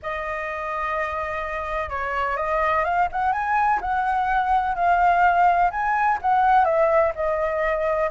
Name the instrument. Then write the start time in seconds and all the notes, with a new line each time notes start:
flute
0.02 D#5
1.89 C#5
2.36 D#5
2.84 F5
3.11 F#5
3.32 G#5
3.81 F#5
4.75 F5
5.71 G#5
6.21 F#5
6.64 E5
7.15 D#5